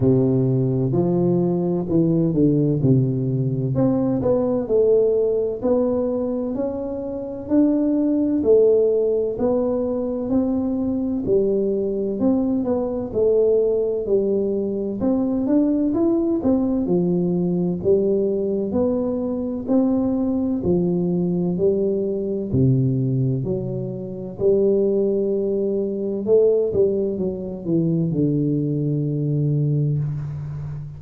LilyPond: \new Staff \with { instrumentName = "tuba" } { \time 4/4 \tempo 4 = 64 c4 f4 e8 d8 c4 | c'8 b8 a4 b4 cis'4 | d'4 a4 b4 c'4 | g4 c'8 b8 a4 g4 |
c'8 d'8 e'8 c'8 f4 g4 | b4 c'4 f4 g4 | c4 fis4 g2 | a8 g8 fis8 e8 d2 | }